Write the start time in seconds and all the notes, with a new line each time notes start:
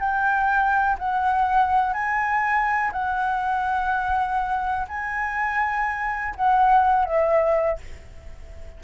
0.00 G5
0.99 F#5
1.93 G#5
2.92 F#5
4.88 G#5
6.36 F#5
7.05 E5